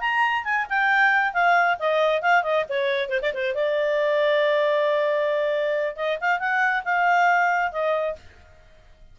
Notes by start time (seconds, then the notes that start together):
0.00 A#5
0.44 G#5
0.69 G5
1.33 F5
1.79 D#5
2.21 F5
2.43 D#5
2.69 C#5
3.09 C5
3.21 D5
3.33 C5
3.54 D5
5.96 D#5
6.20 F5
6.39 F#5
6.84 F5
7.71 D#5